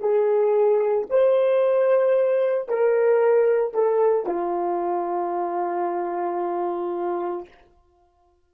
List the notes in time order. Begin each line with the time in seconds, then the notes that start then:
0.00 G#4
1.10 C5
2.69 A#4
3.74 A4
4.26 F4